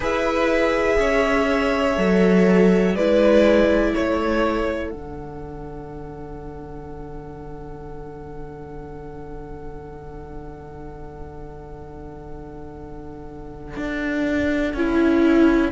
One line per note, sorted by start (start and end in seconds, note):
0.00 0.96 E4
0.00 1.96 G#4
0.00 0.97 B4
0.00 2.95 E5
0.99 1.97 C#4
0.99 2.95 C#5
1.96 2.95 F#3
1.96 2.94 A4
2.95 3.93 G#3
2.95 4.92 E4
2.95 3.93 B4
2.95 3.93 D5
3.93 4.92 A3
3.93 15.71 A4
3.93 4.90 C#5
4.90 13.76 D3
4.90 14.76 D4
4.90 15.71 F#5
13.76 14.73 D4
14.73 15.71 C#4
14.73 15.71 E4